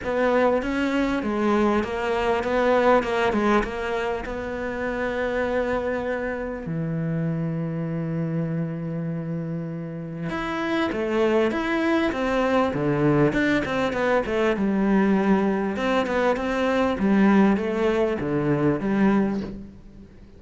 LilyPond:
\new Staff \with { instrumentName = "cello" } { \time 4/4 \tempo 4 = 99 b4 cis'4 gis4 ais4 | b4 ais8 gis8 ais4 b4~ | b2. e4~ | e1~ |
e4 e'4 a4 e'4 | c'4 d4 d'8 c'8 b8 a8 | g2 c'8 b8 c'4 | g4 a4 d4 g4 | }